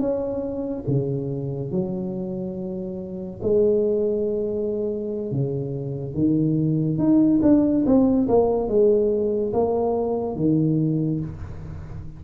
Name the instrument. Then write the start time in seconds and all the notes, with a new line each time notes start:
tuba
0.00 C#4
0.87 C#3
1.71 F#3
3.43 G#3
5.31 C#3
6.14 D#3
6.98 D#4
7.42 D4
7.86 C4
8.28 A#3
8.68 G#3
9.53 A#3
10.36 D#3